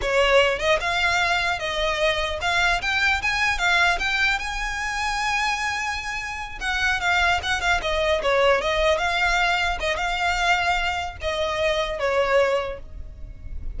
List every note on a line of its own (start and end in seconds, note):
0.01 0.59 C#5
0.59 0.79 D#5
0.80 1.59 F5
1.59 2.39 D#5
2.41 2.81 F5
2.81 3.21 G5
3.22 3.58 G#5
3.58 3.98 F5
3.99 4.39 G5
4.39 6.59 G#5
6.60 7.00 F#5
7.00 7.40 F5
7.42 7.61 F#5
7.61 7.81 F5
7.81 8.21 D#5
8.22 8.61 C#5
8.61 8.98 D#5
8.98 9.78 F5
9.80 9.97 D#5
9.97 11.17 F5
11.21 11.99 D#5
11.99 12.79 C#5